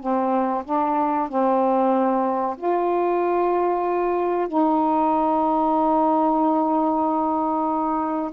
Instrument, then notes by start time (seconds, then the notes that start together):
saxophone
0.00 C4
0.64 D4
1.29 C4
2.57 F4
4.48 D#4